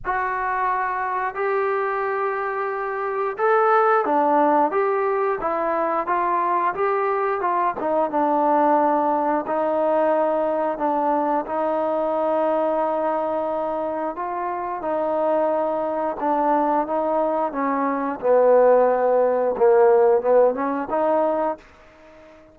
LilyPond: \new Staff \with { instrumentName = "trombone" } { \time 4/4 \tempo 4 = 89 fis'2 g'2~ | g'4 a'4 d'4 g'4 | e'4 f'4 g'4 f'8 dis'8 | d'2 dis'2 |
d'4 dis'2.~ | dis'4 f'4 dis'2 | d'4 dis'4 cis'4 b4~ | b4 ais4 b8 cis'8 dis'4 | }